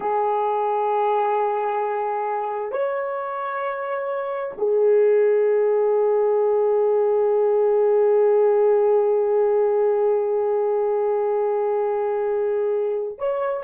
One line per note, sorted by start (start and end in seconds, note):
0.00 2.71 G#4
2.71 4.53 C#5
4.57 13.18 G#4
13.18 13.63 C#5